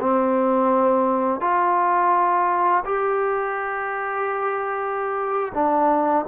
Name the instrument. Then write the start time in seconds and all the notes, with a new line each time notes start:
trombone
0.00 C4
1.41 F4
2.85 G4
5.54 D4